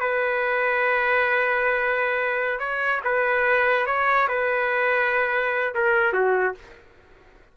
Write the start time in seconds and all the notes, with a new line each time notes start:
0.00 B4
2.59 C#5
3.04 B4
3.86 C#5
4.28 B4
5.75 A#4
6.13 F#4